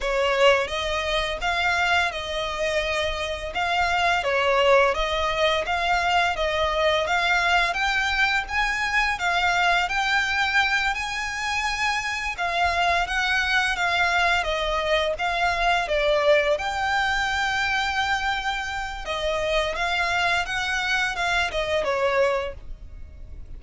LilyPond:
\new Staff \with { instrumentName = "violin" } { \time 4/4 \tempo 4 = 85 cis''4 dis''4 f''4 dis''4~ | dis''4 f''4 cis''4 dis''4 | f''4 dis''4 f''4 g''4 | gis''4 f''4 g''4. gis''8~ |
gis''4. f''4 fis''4 f''8~ | f''8 dis''4 f''4 d''4 g''8~ | g''2. dis''4 | f''4 fis''4 f''8 dis''8 cis''4 | }